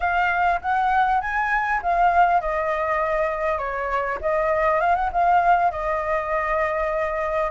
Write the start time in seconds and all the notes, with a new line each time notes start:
0.00 F5
0.61 F#5
1.20 G#5
1.82 F5
2.40 D#5
3.58 C#5
4.21 D#5
4.80 F5
4.95 F#5
5.12 F5
5.71 D#5